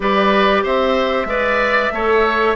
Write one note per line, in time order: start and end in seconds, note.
0.00 0.64 G3
0.00 1.27 G4
0.00 0.63 B4
0.00 0.64 D5
0.63 1.25 C4
0.63 1.27 C5
0.63 2.55 E5
1.25 1.89 G#3
1.25 1.91 B4
1.25 1.93 D5
1.92 2.55 A3
1.92 2.55 A4
1.92 2.55 C#5